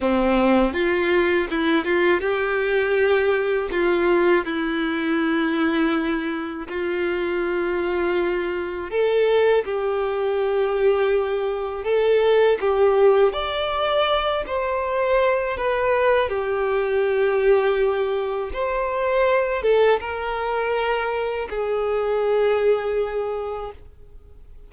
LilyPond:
\new Staff \with { instrumentName = "violin" } { \time 4/4 \tempo 4 = 81 c'4 f'4 e'8 f'8 g'4~ | g'4 f'4 e'2~ | e'4 f'2. | a'4 g'2. |
a'4 g'4 d''4. c''8~ | c''4 b'4 g'2~ | g'4 c''4. a'8 ais'4~ | ais'4 gis'2. | }